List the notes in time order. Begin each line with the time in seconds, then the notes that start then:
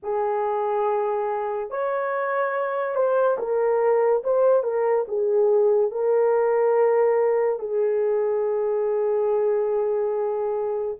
0.02 G#4
1.70 C#5
2.95 C5
3.38 A#4
4.23 C5
4.62 A#4
5.07 G#4
5.91 A#4
7.59 G#4